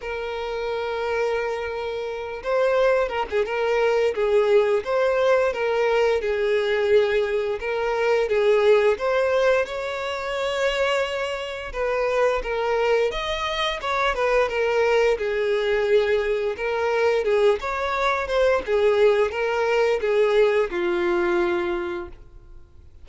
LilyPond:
\new Staff \with { instrumentName = "violin" } { \time 4/4 \tempo 4 = 87 ais'2.~ ais'8 c''8~ | c''8 ais'16 gis'16 ais'4 gis'4 c''4 | ais'4 gis'2 ais'4 | gis'4 c''4 cis''2~ |
cis''4 b'4 ais'4 dis''4 | cis''8 b'8 ais'4 gis'2 | ais'4 gis'8 cis''4 c''8 gis'4 | ais'4 gis'4 f'2 | }